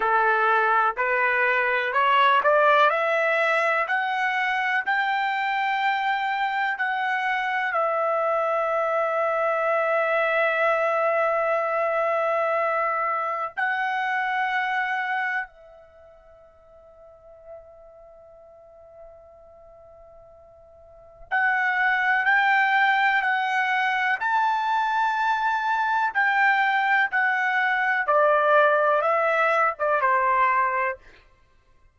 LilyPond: \new Staff \with { instrumentName = "trumpet" } { \time 4/4 \tempo 4 = 62 a'4 b'4 cis''8 d''8 e''4 | fis''4 g''2 fis''4 | e''1~ | e''2 fis''2 |
e''1~ | e''2 fis''4 g''4 | fis''4 a''2 g''4 | fis''4 d''4 e''8. d''16 c''4 | }